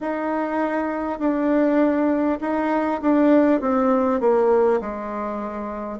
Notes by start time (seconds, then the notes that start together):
0.00 D#4
1.19 D4
2.40 D#4
3.01 D4
3.60 C4
4.20 A#3
4.80 G#3